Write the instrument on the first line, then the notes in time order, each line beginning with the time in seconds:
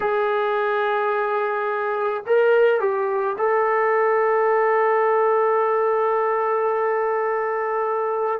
trombone
0.00 G#4
2.26 A#4
2.80 G4
3.38 A4